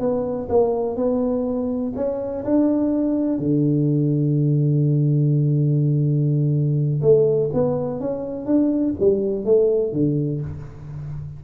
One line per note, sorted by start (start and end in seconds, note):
0.00 0.48 B3
0.49 0.96 A#3
0.96 1.93 B3
1.96 2.45 C#4
2.45 3.39 D4
3.39 7.02 D3
7.02 7.51 A3
7.54 8.00 B3
8.00 8.46 C#4
8.46 8.94 D4
9.00 9.45 G3
9.45 9.93 A3
9.93 10.41 D3